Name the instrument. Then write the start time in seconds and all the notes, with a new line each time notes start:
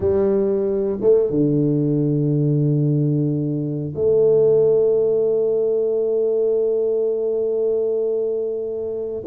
tuba
0.00 G3
1.00 A3
1.29 D3
3.95 A3